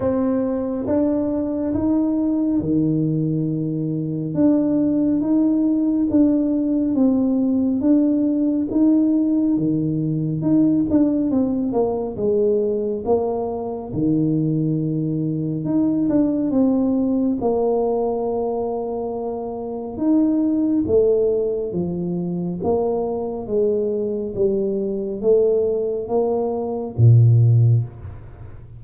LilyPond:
\new Staff \with { instrumentName = "tuba" } { \time 4/4 \tempo 4 = 69 c'4 d'4 dis'4 dis4~ | dis4 d'4 dis'4 d'4 | c'4 d'4 dis'4 dis4 | dis'8 d'8 c'8 ais8 gis4 ais4 |
dis2 dis'8 d'8 c'4 | ais2. dis'4 | a4 f4 ais4 gis4 | g4 a4 ais4 ais,4 | }